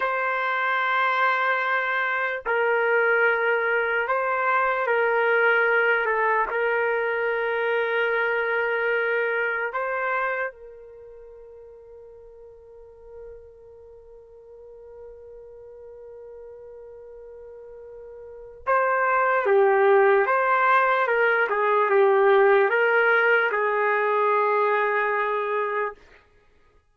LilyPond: \new Staff \with { instrumentName = "trumpet" } { \time 4/4 \tempo 4 = 74 c''2. ais'4~ | ais'4 c''4 ais'4. a'8 | ais'1 | c''4 ais'2.~ |
ais'1~ | ais'2. c''4 | g'4 c''4 ais'8 gis'8 g'4 | ais'4 gis'2. | }